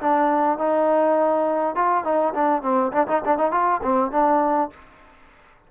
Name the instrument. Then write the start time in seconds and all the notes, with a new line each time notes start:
trombone
0.00 D4
0.58 D#4
1.76 F4
2.04 D#4
2.34 D4
2.62 C4
2.92 D4
3.07 D#4
3.25 D4
3.38 D#4
3.52 F4
3.83 C4
4.11 D4